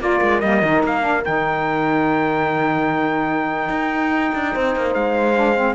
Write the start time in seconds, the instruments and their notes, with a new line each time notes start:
0.00 cello A#3, saxophone F4, horn A#4, trumpet D5
0.22 cello G#3
0.40 cello G3, saxophone A#3, trumpet D#5
0.63 cello D#3, saxophone D#4
0.84 cello A#3, trumpet F5
1.01 saxophone D4
1.25 cello D#3, saxophone D#4, trumpet G5
3.69 cello D#4
4.35 cello D4
4.53 cello C4, horn C5
4.76 cello A#3
4.94 cello G#3, trumpet F5
5.35 saxophone D4
5.56 saxophone C4